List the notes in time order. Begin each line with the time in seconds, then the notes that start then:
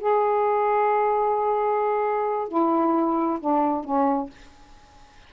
0.00 G#4
2.49 E4
3.40 D4
3.85 C#4